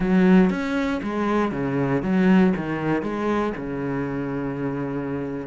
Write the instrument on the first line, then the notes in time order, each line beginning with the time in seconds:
cello
0.00 F#3
0.49 C#4
1.02 G#3
1.51 C#3
2.02 F#3
2.56 D#3
3.02 G#3
3.57 C#3